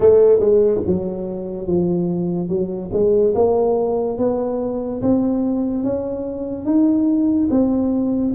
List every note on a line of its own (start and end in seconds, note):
0.00 0.39 A3
0.39 0.81 G#3
0.86 1.67 F#3
1.67 2.48 F3
2.48 2.90 F#3
2.92 3.34 G#3
3.34 4.18 A#3
4.18 5.01 B3
5.02 5.83 C4
5.83 6.65 C#4
6.65 7.48 D#4
7.50 8.33 C4